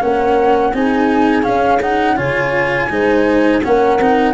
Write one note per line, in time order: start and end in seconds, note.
0.00 0.73 A#3
0.00 0.73 C#4
0.00 0.72 A#4
0.00 0.75 F#5
0.73 1.46 C4
0.73 1.43 D#4
0.73 2.15 G#4
0.73 1.44 G#5
1.43 1.79 C#4
1.43 2.18 C#4
1.43 1.80 F5
1.81 2.16 D#4
1.81 2.18 F#5
2.15 2.90 C#3
2.15 2.89 F4
2.15 2.87 C#5
2.15 3.62 G#5
2.90 3.62 G#3
2.90 3.62 D#4
2.90 3.63 C5
3.63 4.00 A#3
3.63 4.00 C#4
3.63 4.34 A#4
3.63 4.34 F#5
4.00 4.34 C4
4.00 4.34 D#4